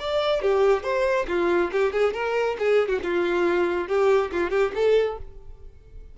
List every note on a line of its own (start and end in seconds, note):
0.00 0.42 D5
0.42 0.84 G4
0.84 1.27 C5
1.28 1.71 F4
1.72 1.92 G4
1.92 2.14 G#4
2.14 2.57 A#4
2.59 2.89 G#4
2.89 3.00 F#4
3.04 3.88 F4
3.88 4.32 G4
4.32 4.50 F4
4.50 4.72 G4
4.75 5.18 A4